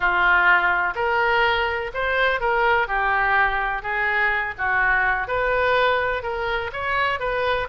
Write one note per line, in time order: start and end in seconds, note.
0.00 0.94 F4
0.95 1.91 A#4
1.94 2.40 C5
2.40 2.87 A#4
2.87 3.82 G4
3.82 4.54 G#4
4.58 5.27 F#4
5.27 6.22 B4
6.22 6.70 A#4
6.72 7.19 C#5
7.19 7.67 B4